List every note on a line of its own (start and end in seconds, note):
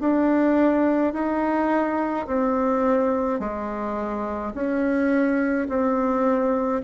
0.00 1.13 D4
1.13 2.26 D#4
2.26 3.39 C4
3.39 4.52 G#3
4.54 5.68 C#4
5.69 6.82 C4